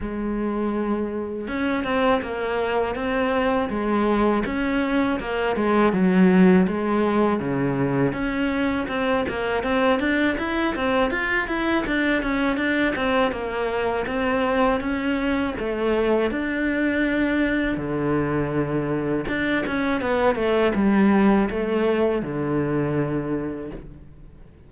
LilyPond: \new Staff \with { instrumentName = "cello" } { \time 4/4 \tempo 4 = 81 gis2 cis'8 c'8 ais4 | c'4 gis4 cis'4 ais8 gis8 | fis4 gis4 cis4 cis'4 | c'8 ais8 c'8 d'8 e'8 c'8 f'8 e'8 |
d'8 cis'8 d'8 c'8 ais4 c'4 | cis'4 a4 d'2 | d2 d'8 cis'8 b8 a8 | g4 a4 d2 | }